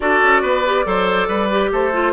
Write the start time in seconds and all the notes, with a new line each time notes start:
0.00 D4 F#4 A4 D5
0.22 C#4
0.41 B3 B4
0.66 G4
0.84 F#3 A4 C5
1.28 G3 B4
1.51 G4
1.71 A3 A4 C5
1.93 F4